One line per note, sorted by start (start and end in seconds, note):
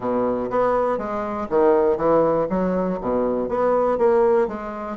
0.00 0.50 B2
0.50 0.98 B3
0.98 1.47 G#3
1.49 1.97 D#3
1.97 2.47 E3
2.49 2.99 F#3
3.00 3.48 B2
3.48 3.98 B3
3.98 4.47 A#3
4.47 4.97 G#3